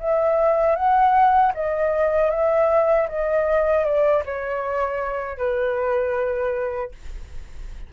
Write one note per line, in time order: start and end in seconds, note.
0.00 0.76 E5
0.76 1.53 F#5
1.55 2.31 D#5
2.31 3.08 E5
3.09 3.85 D#5
3.85 4.24 D5
4.26 5.38 C#5
5.38 6.92 B4